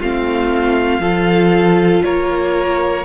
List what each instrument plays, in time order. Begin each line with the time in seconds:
0.00 cello A3, viola C4, violin F4 F5
0.99 cello F3, viola F4, violin A4
2.04 cello A#3, violin A#4 C#5